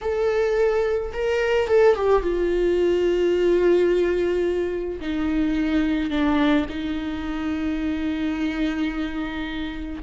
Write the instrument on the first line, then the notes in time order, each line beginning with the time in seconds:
viola
0.01 A4
1.13 A#4
1.67 A4
1.95 G4
2.22 F4
5.00 D#4
6.10 D4
6.69 D#4